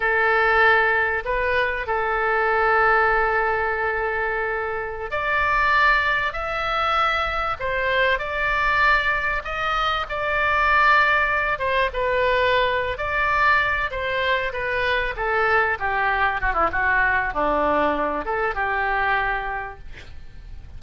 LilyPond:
\new Staff \with { instrumentName = "oboe" } { \time 4/4 \tempo 4 = 97 a'2 b'4 a'4~ | a'1~ | a'16 d''2 e''4.~ e''16~ | e''16 c''4 d''2 dis''8.~ |
dis''16 d''2~ d''8 c''8 b'8.~ | b'4 d''4. c''4 b'8~ | b'8 a'4 g'4 fis'16 e'16 fis'4 | d'4. a'8 g'2 | }